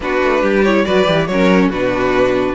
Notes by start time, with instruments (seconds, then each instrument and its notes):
0.00 cello B3, viola D4, violin F#4 B4
0.23 cello A3
0.41 cello G3, violin G4
0.64 viola E4, violin C#5
0.84 cello F#3, viola F#4, violin B4 D5
1.04 cello E3, viola G4
1.27 cello F#3, viola C#4, violin A#4 C#5
1.69 cello B2, viola D4, violin F#4 B4